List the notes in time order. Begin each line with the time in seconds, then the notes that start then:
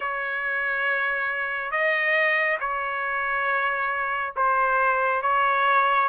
0.00 C#5
1.71 D#5
2.59 C#5
4.36 C5
5.22 C#5